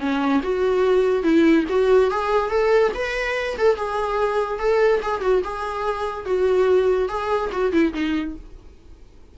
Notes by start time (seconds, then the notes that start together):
0.00 C#4
0.43 F#4
1.23 E4
1.69 F#4
2.11 G#4
2.51 A4
2.94 B4
3.58 A4
3.77 G#4
4.59 A4
5.03 G#4
5.22 F#4
5.44 G#4
6.26 F#4
7.09 G#4
7.52 F#4
7.72 E4
7.94 D#4